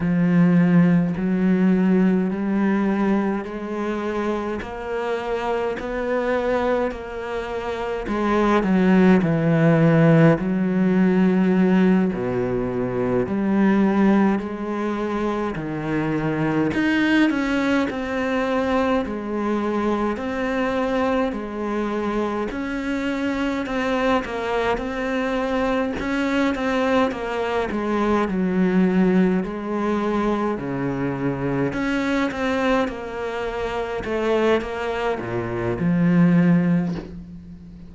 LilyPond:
\new Staff \with { instrumentName = "cello" } { \time 4/4 \tempo 4 = 52 f4 fis4 g4 gis4 | ais4 b4 ais4 gis8 fis8 | e4 fis4. b,4 g8~ | g8 gis4 dis4 dis'8 cis'8 c'8~ |
c'8 gis4 c'4 gis4 cis'8~ | cis'8 c'8 ais8 c'4 cis'8 c'8 ais8 | gis8 fis4 gis4 cis4 cis'8 | c'8 ais4 a8 ais8 ais,8 f4 | }